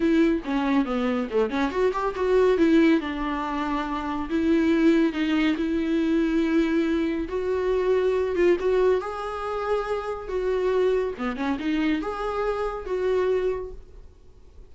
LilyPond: \new Staff \with { instrumentName = "viola" } { \time 4/4 \tempo 4 = 140 e'4 cis'4 b4 a8 cis'8 | fis'8 g'8 fis'4 e'4 d'4~ | d'2 e'2 | dis'4 e'2.~ |
e'4 fis'2~ fis'8 f'8 | fis'4 gis'2. | fis'2 b8 cis'8 dis'4 | gis'2 fis'2 | }